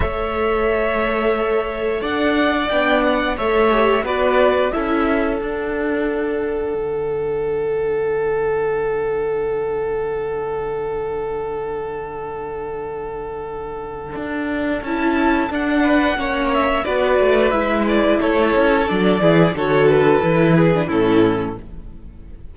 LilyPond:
<<
  \new Staff \with { instrumentName = "violin" } { \time 4/4 \tempo 4 = 89 e''2. fis''4 | g''8 fis''8 e''4 d''4 e''4 | fis''1~ | fis''1~ |
fis''1~ | fis''2 a''4 fis''4~ | fis''8 e''8 d''4 e''8 d''8 cis''4 | d''4 cis''8 b'4. a'4 | }
  \new Staff \with { instrumentName = "violin" } { \time 4/4 cis''2. d''4~ | d''4 cis''4 b'4 a'4~ | a'1~ | a'1~ |
a'1~ | a'2.~ a'8 b'8 | cis''4 b'2 a'4~ | a'8 gis'8 a'4. gis'8 e'4 | }
  \new Staff \with { instrumentName = "viola" } { \time 4/4 a'1 | d'4 a'8 g'8 fis'4 e'4 | d'1~ | d'1~ |
d'1~ | d'2 e'4 d'4 | cis'4 fis'4 e'2 | d'8 e'8 fis'4 e'8. d'16 cis'4 | }
  \new Staff \with { instrumentName = "cello" } { \time 4/4 a2. d'4 | b4 a4 b4 cis'4 | d'2 d2~ | d1~ |
d1~ | d4 d'4 cis'4 d'4 | ais4 b8 a8 gis4 a8 cis'8 | fis8 e8 d4 e4 a,4 | }
>>